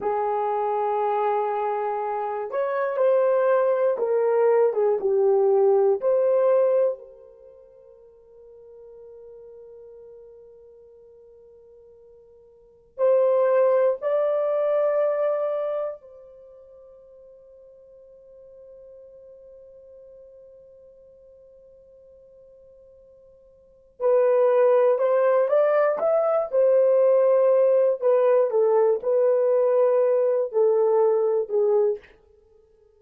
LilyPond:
\new Staff \with { instrumentName = "horn" } { \time 4/4 \tempo 4 = 60 gis'2~ gis'8 cis''8 c''4 | ais'8. gis'16 g'4 c''4 ais'4~ | ais'1~ | ais'4 c''4 d''2 |
c''1~ | c''1 | b'4 c''8 d''8 e''8 c''4. | b'8 a'8 b'4. a'4 gis'8 | }